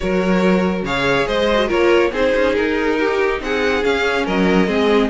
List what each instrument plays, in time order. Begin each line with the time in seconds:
0.00 cello F#3, viola F#4, violin A#4 C#5
0.82 cello C#3, viola G#4, violin C#5 F5
1.27 cello G#3, violin C5 D#5
1.53 viola F#4
1.67 cello A#3, viola F4, violin A#4 C#5
2.12 cello C4, viola D#4, violin G#4 C5
2.35 cello C#4
2.55 cello D#4, violin A#4
2.99 violin G4
3.40 cello C4, violin G#4 F#5
3.82 viola C#4, cello C#4, violin F5
4.25 cello F#3, violin A#4 D#5
4.67 cello G#3, viola C4, violin G#4